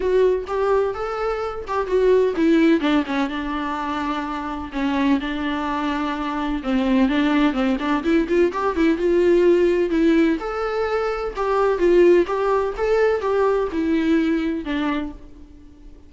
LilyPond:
\new Staff \with { instrumentName = "viola" } { \time 4/4 \tempo 4 = 127 fis'4 g'4 a'4. g'8 | fis'4 e'4 d'8 cis'8 d'4~ | d'2 cis'4 d'4~ | d'2 c'4 d'4 |
c'8 d'8 e'8 f'8 g'8 e'8 f'4~ | f'4 e'4 a'2 | g'4 f'4 g'4 a'4 | g'4 e'2 d'4 | }